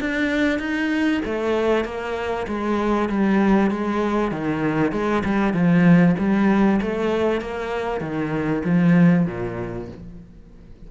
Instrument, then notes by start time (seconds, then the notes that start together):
cello
0.00 D4
0.59 D#4
1.25 A3
1.84 A#3
2.47 G#3
3.09 G3
3.71 G#3
4.31 D#3
4.92 G#3
5.24 G3
5.53 F3
6.18 G3
6.81 A3
7.41 A#3
8.00 D#3
8.64 F3
9.26 A#2